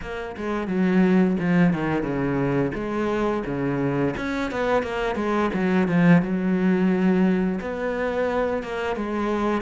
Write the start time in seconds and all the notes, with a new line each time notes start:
0.01 A#3
0.36 G#3
0.67 F#3
1.39 F3
1.73 D#3
2.02 C#3
2.74 G#3
3.45 C#3
4.17 C#4
4.51 B3
4.82 A#3
5.15 G#3
5.53 F#3
5.87 F3
6.21 F#3
7.60 B3
8.62 A#3
8.95 G#3